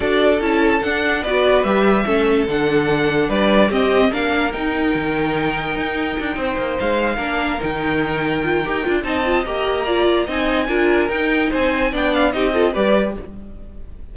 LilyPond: <<
  \new Staff \with { instrumentName = "violin" } { \time 4/4 \tempo 4 = 146 d''4 a''4 fis''4 d''4 | e''2 fis''2 | d''4 dis''4 f''4 g''4~ | g''1~ |
g''8 f''2 g''4.~ | g''2 a''4 ais''4~ | ais''4 gis''2 g''4 | gis''4 g''8 f''8 dis''4 d''4 | }
  \new Staff \with { instrumentName = "violin" } { \time 4/4 a'2. b'4~ | b'4 a'2. | b'4 g'4 ais'2~ | ais'2.~ ais'8 c''8~ |
c''4. ais'2~ ais'8~ | ais'2 dis''2 | d''4 dis''4 ais'2 | c''4 d''4 g'8 a'8 b'4 | }
  \new Staff \with { instrumentName = "viola" } { \time 4/4 fis'4 e'4 d'4 fis'4 | g'4 cis'4 d'2~ | d'4 c'4 d'4 dis'4~ | dis'1~ |
dis'4. d'4 dis'4.~ | dis'8 f'8 g'8 f'8 dis'8 f'8 g'4 | f'4 dis'4 f'4 dis'4~ | dis'4 d'4 dis'8 f'8 g'4 | }
  \new Staff \with { instrumentName = "cello" } { \time 4/4 d'4 cis'4 d'4 b4 | g4 a4 d2 | g4 c'4 ais4 dis'4 | dis2 dis'4 d'8 c'8 |
ais8 gis4 ais4 dis4.~ | dis4 dis'8 d'8 c'4 ais4~ | ais4 c'4 d'4 dis'4 | c'4 b4 c'4 g4 | }
>>